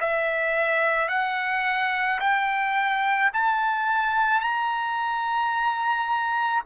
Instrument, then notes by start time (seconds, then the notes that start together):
trumpet
0.00 E5
1.08 F#5
2.20 G5
3.33 A5
4.40 A#5